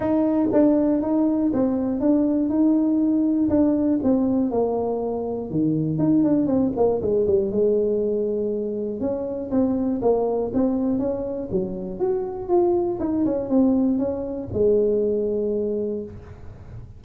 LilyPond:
\new Staff \with { instrumentName = "tuba" } { \time 4/4 \tempo 4 = 120 dis'4 d'4 dis'4 c'4 | d'4 dis'2 d'4 | c'4 ais2 dis4 | dis'8 d'8 c'8 ais8 gis8 g8 gis4~ |
gis2 cis'4 c'4 | ais4 c'4 cis'4 fis4 | fis'4 f'4 dis'8 cis'8 c'4 | cis'4 gis2. | }